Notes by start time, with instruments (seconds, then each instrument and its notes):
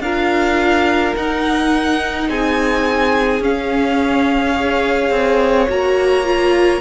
0.00 cello D4, viola F4, violin A#4 F5
1.16 viola D#4, cello D#4, violin F#5
2.29 cello C4, violin G#4 G#5
3.41 cello C#4, viola C#4, violin F5
4.56 viola G#4, violin C#5
5.10 cello C4
5.69 cello A#3, viola F#4, violin A#5
6.24 viola F4